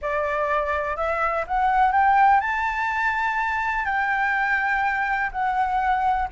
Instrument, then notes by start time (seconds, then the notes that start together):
flute
0.01 D5
0.96 E5
1.47 F#5
1.92 G5
2.40 A5
3.85 G5
5.31 F#5